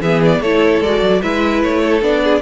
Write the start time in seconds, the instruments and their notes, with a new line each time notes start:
0.00 cello E3, viola B3, violin G#4 E5
0.24 violin D5
0.41 cello A3, viola E4, violin A4 C#5
0.80 cello G#3, viola F#4, violin D5
1.01 cello F#3
1.22 cello G#3, viola E4, violin B4 E5
1.62 cello A3, violin C#5
1.83 violin A4
2.01 cello B3, viola D4, violin D5
2.24 violin G#4